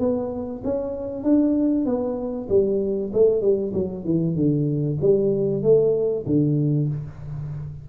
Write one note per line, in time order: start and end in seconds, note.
0.00 0.62 B3
0.65 1.24 C#4
1.24 1.86 D4
1.86 2.48 B3
2.49 3.12 G3
3.14 3.42 A3
3.42 3.73 G3
3.74 4.05 F#3
4.05 4.36 E3
4.36 4.98 D3
5.01 5.63 G3
5.63 6.25 A3
6.27 6.89 D3